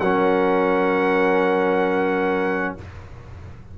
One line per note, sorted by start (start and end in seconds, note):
0.00 2.76 F#3
0.00 2.79 C#4
0.00 2.76 A#4
0.00 2.75 F#5